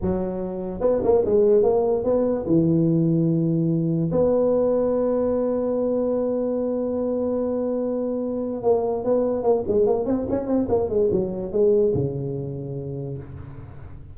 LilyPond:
\new Staff \with { instrumentName = "tuba" } { \time 4/4 \tempo 4 = 146 fis2 b8 ais8 gis4 | ais4 b4 e2~ | e2 b2~ | b1~ |
b1~ | b4 ais4 b4 ais8 gis8 | ais8 c'8 cis'8 c'8 ais8 gis8 fis4 | gis4 cis2. | }